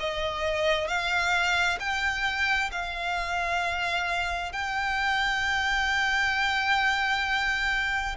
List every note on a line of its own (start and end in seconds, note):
0.00 0.88 D#5
0.88 1.79 F5
1.80 2.71 G5
2.72 4.52 F5
4.52 8.16 G5